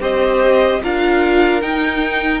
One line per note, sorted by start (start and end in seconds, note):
0.00 0.80 C4
0.00 0.80 G4
0.00 0.81 C5
0.00 0.82 D#5
0.83 1.62 D4
0.83 1.61 F4
0.83 2.40 A#4
0.83 1.61 F5
1.61 2.40 D#4
1.61 2.40 G5